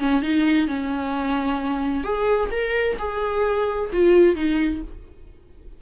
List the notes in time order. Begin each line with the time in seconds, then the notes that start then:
0.00 C#4
0.22 D#4
0.68 C#4
2.04 G#4
2.51 A#4
2.99 G#4
3.93 F4
4.36 D#4